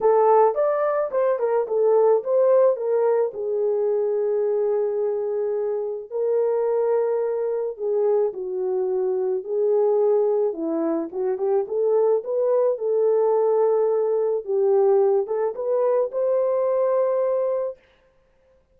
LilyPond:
\new Staff \with { instrumentName = "horn" } { \time 4/4 \tempo 4 = 108 a'4 d''4 c''8 ais'8 a'4 | c''4 ais'4 gis'2~ | gis'2. ais'4~ | ais'2 gis'4 fis'4~ |
fis'4 gis'2 e'4 | fis'8 g'8 a'4 b'4 a'4~ | a'2 g'4. a'8 | b'4 c''2. | }